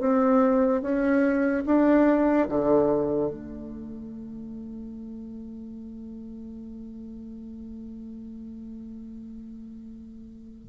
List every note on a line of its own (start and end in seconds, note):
0.00 0.82 C4
0.82 1.64 C#4
1.66 2.48 D4
2.48 3.31 D3
3.31 10.68 A3